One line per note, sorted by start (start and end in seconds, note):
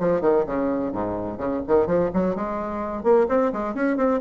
0.00 0.21 F3
0.21 0.45 D#3
0.46 0.92 C#3
0.92 1.38 G#2
1.38 1.62 C#3
1.68 1.87 D#3
1.87 2.10 F3
2.14 2.36 F#3
2.36 3.03 G#3
3.03 3.27 A#3
3.29 3.52 C4
3.53 3.75 G#3
3.75 3.97 C#4
3.97 4.20 C4